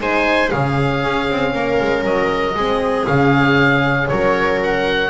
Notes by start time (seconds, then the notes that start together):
0.00 G#3 D#4 C5 G#5
0.51 C#3 C#4 G#4 F5
1.04 C#4
1.30 C4
1.55 A#3 A#4
1.81 G#3
2.04 F#3 D#5
2.55 G#3 C4 G#4
3.07 C#3 C#4 F5
4.09 F#3 A#4 C#5
4.64 F#5